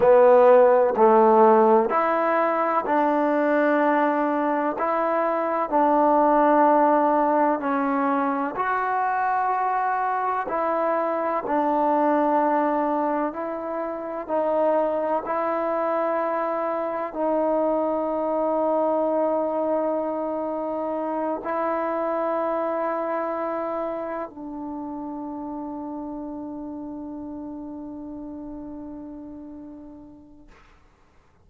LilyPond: \new Staff \with { instrumentName = "trombone" } { \time 4/4 \tempo 4 = 63 b4 a4 e'4 d'4~ | d'4 e'4 d'2 | cis'4 fis'2 e'4 | d'2 e'4 dis'4 |
e'2 dis'2~ | dis'2~ dis'8 e'4.~ | e'4. d'2~ d'8~ | d'1 | }